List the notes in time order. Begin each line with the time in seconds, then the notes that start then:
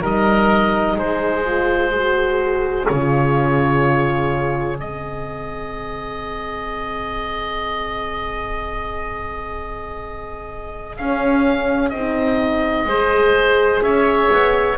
0.00 G3 D#4 A#4 D#5
0.95 G#3 G#4 C5
1.44 F4
1.92 F#4
2.86 C#3 F4 C#5
4.78 G#3 C4 D#5
10.96 C#4 F5
11.89 C4 D#4 D#5
12.85 G#3 G#4 C5
13.81 C#4 C#5 E5
14.31 B3